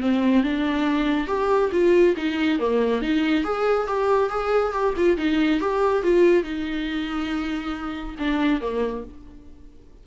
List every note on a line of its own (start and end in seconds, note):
0.00 0.43 C4
0.43 1.27 D4
1.27 1.70 G4
1.72 2.15 F4
2.17 2.59 D#4
2.59 3.02 A#3
3.02 3.44 D#4
3.44 3.87 G#4
3.87 4.29 G4
4.29 4.72 G#4
4.72 4.94 G4
4.97 5.17 F4
5.17 5.60 D#4
5.60 6.03 G4
6.03 6.43 F4
6.43 8.16 D#4
8.19 8.61 D4
8.61 9.04 A#3